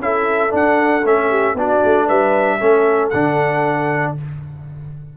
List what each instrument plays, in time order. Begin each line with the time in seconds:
0.00 tuba C#4, trombone E4, horn A4, trumpet E5
0.50 trombone D4, tuba D4, trumpet F#5
1.04 tuba A3, trombone C#4, trumpet E5
1.30 horn G4
1.54 tuba B3, trombone D4, horn F#4, trumpet D5
1.85 tuba A3
2.07 tuba G3, horn B4, trumpet E5
2.60 tuba A3, trombone C#4, horn A4
3.10 tuba D3, trombone D4, trumpet F#5